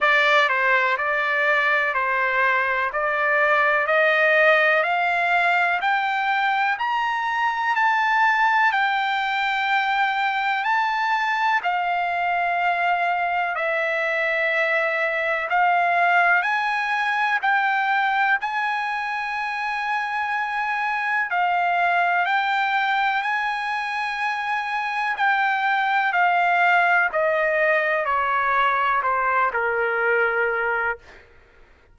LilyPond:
\new Staff \with { instrumentName = "trumpet" } { \time 4/4 \tempo 4 = 62 d''8 c''8 d''4 c''4 d''4 | dis''4 f''4 g''4 ais''4 | a''4 g''2 a''4 | f''2 e''2 |
f''4 gis''4 g''4 gis''4~ | gis''2 f''4 g''4 | gis''2 g''4 f''4 | dis''4 cis''4 c''8 ais'4. | }